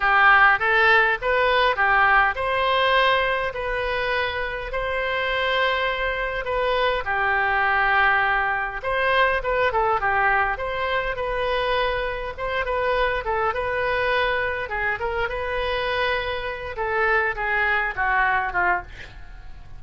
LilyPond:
\new Staff \with { instrumentName = "oboe" } { \time 4/4 \tempo 4 = 102 g'4 a'4 b'4 g'4 | c''2 b'2 | c''2. b'4 | g'2. c''4 |
b'8 a'8 g'4 c''4 b'4~ | b'4 c''8 b'4 a'8 b'4~ | b'4 gis'8 ais'8 b'2~ | b'8 a'4 gis'4 fis'4 f'8 | }